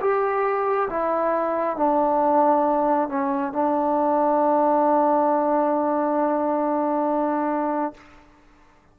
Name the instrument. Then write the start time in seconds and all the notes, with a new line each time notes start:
trombone
0.00 G4
0.89 E4
1.76 D4
3.08 C#4
3.52 D4